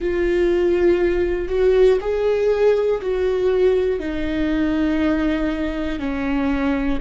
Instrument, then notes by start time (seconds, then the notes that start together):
viola
0.00 F4
1.48 F#4
2.00 G#4
3.01 F#4
4.00 D#4
5.99 C#4